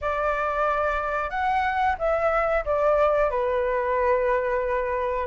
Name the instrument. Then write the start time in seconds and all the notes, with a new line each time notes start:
flute
0.01 D5
1.29 F#5
1.98 E5
2.65 D5
3.30 B4